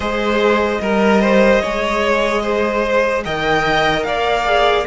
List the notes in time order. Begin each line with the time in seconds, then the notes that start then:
0.00 G#3 G#4 C5 D#5
0.81 G3 A#4
1.21 C5
1.61 G#3 G#4 C#5
2.42 C5
3.24 D#3 A#4 D#5 G5
4.03 A#3 D5 F5
4.45 G#4